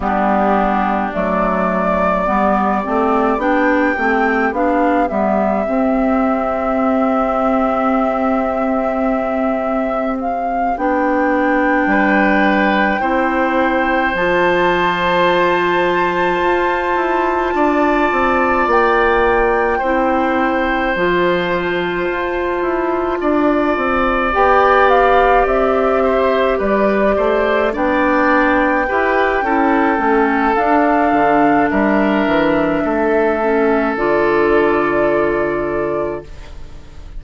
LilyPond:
<<
  \new Staff \with { instrumentName = "flute" } { \time 4/4 \tempo 4 = 53 g'4 d''2 g''4 | f''8 e''2.~ e''8~ | e''4 f''8 g''2~ g''8~ | g''8 a''2.~ a''8~ |
a''8 g''2 a''4.~ | a''4. g''8 f''8 e''4 d''8~ | d''8 g''2~ g''8 f''4 | e''2 d''2 | }
  \new Staff \with { instrumentName = "oboe" } { \time 4/4 d'2 g'2~ | g'1~ | g'2~ g'8 b'4 c''8~ | c''2.~ c''8 d''8~ |
d''4. c''2~ c''8~ | c''8 d''2~ d''8 c''8 b'8 | c''8 d''4 b'8 a'2 | ais'4 a'2. | }
  \new Staff \with { instrumentName = "clarinet" } { \time 4/4 b4 a4 b8 c'8 d'8 c'8 | d'8 b8 c'2.~ | c'4. d'2 e'8~ | e'8 f'2.~ f'8~ |
f'4. e'4 f'4.~ | f'4. g'2~ g'8~ | g'8 d'4 g'8 e'8 cis'8 d'4~ | d'4. cis'8 f'2 | }
  \new Staff \with { instrumentName = "bassoon" } { \time 4/4 g4 fis4 g8 a8 b8 a8 | b8 g8 c'2.~ | c'4. b4 g4 c'8~ | c'8 f2 f'8 e'8 d'8 |
c'8 ais4 c'4 f4 f'8 | e'8 d'8 c'8 b4 c'4 g8 | a8 b4 e'8 cis'8 a8 d'8 d8 | g8 e8 a4 d2 | }
>>